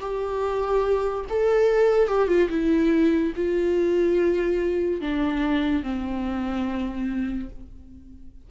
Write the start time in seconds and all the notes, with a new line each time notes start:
0.00 G4
1.30 A4
2.08 G4
2.28 F4
2.50 E4
3.36 F4
5.01 D4
5.83 C4